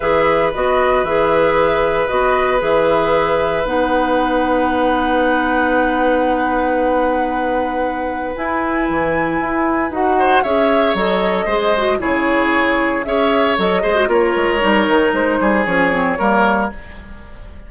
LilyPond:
<<
  \new Staff \with { instrumentName = "flute" } { \time 4/4 \tempo 4 = 115 e''4 dis''4 e''2 | dis''4 e''2 fis''4~ | fis''1~ | fis''1 |
gis''2. fis''4 | e''4 dis''2 cis''4~ | cis''4 e''4 dis''4 cis''4~ | cis''4 c''4 cis''2 | }
  \new Staff \with { instrumentName = "oboe" } { \time 4/4 b'1~ | b'1~ | b'1~ | b'1~ |
b'2.~ b'8 c''8 | cis''2 c''4 gis'4~ | gis'4 cis''4. c''8 ais'4~ | ais'4. gis'4. ais'4 | }
  \new Staff \with { instrumentName = "clarinet" } { \time 4/4 gis'4 fis'4 gis'2 | fis'4 gis'2 dis'4~ | dis'1~ | dis'1 |
e'2. fis'4 | gis'4 a'4 gis'8 fis'8 e'4~ | e'4 gis'4 a'8 gis'16 fis'16 f'4 | dis'2 cis'8 c'8 ais4 | }
  \new Staff \with { instrumentName = "bassoon" } { \time 4/4 e4 b4 e2 | b4 e2 b4~ | b1~ | b1 |
e'4 e4 e'4 dis'4 | cis'4 fis4 gis4 cis4~ | cis4 cis'4 fis8 gis8 ais8 gis8 | g8 dis8 gis8 g8 f4 g4 | }
>>